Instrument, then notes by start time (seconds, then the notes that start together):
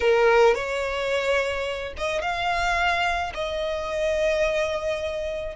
violin
0.00 A#4
0.54 C#5
1.97 D#5
2.21 F5
3.34 D#5